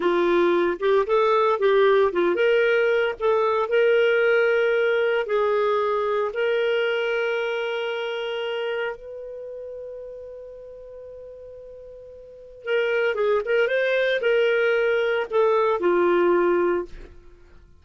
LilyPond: \new Staff \with { instrumentName = "clarinet" } { \time 4/4 \tempo 4 = 114 f'4. g'8 a'4 g'4 | f'8 ais'4. a'4 ais'4~ | ais'2 gis'2 | ais'1~ |
ais'4 b'2.~ | b'1 | ais'4 gis'8 ais'8 c''4 ais'4~ | ais'4 a'4 f'2 | }